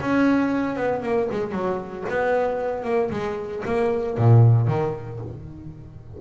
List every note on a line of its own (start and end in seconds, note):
0.00 0.76 C#4
0.76 1.02 B3
1.02 1.28 A#3
1.31 1.52 G#3
1.52 2.04 F#3
2.09 2.84 B3
2.84 3.10 A#3
3.10 3.62 G#3
3.65 4.17 A#3
4.17 4.67 A#2
4.67 5.19 D#3